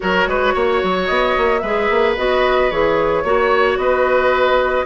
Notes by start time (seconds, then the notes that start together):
0.00 F#3 F#4 A#4 C#5
0.26 G#3 B4
0.53 A#3 C#5
0.83 F#3
1.06 B3 D#5
1.37 A#3
1.58 G#3 B4 E5
1.65 G#4
1.90 A#3
2.16 B3 F#4 D#5
2.70 E3 G#4 C#5
3.23 A#3 F#4 C#5
3.76 B3 B4 D#5